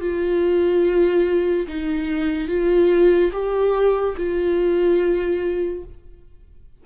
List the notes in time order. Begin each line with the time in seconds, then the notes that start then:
0.00 F4
1.67 D#4
2.48 F4
3.32 G4
4.17 F4